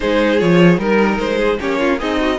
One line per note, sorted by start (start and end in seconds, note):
0.00 0.41 G#3
0.00 0.38 D#4
0.00 0.81 G#4
0.00 0.39 C5
0.38 0.78 F3
0.38 0.78 F4
0.38 0.78 C#5
0.78 1.18 G3
0.78 1.58 D#4
0.78 1.18 A#4
0.78 1.38 A#4
1.19 1.59 G#3
1.19 1.59 C5
1.38 1.58 G#4
1.58 2.01 A#3
1.58 1.98 C#4
1.58 1.79 G4
1.58 2.00 C#5
1.79 1.99 F4
1.98 2.39 C4
1.98 2.39 D#4
1.98 2.18 G#4
1.98 2.39 D#5
2.19 2.39 F#4